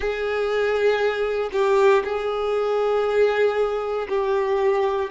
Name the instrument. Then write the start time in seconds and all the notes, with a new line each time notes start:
violin
0.00 G#4
1.52 G4
2.04 G#4
4.09 G4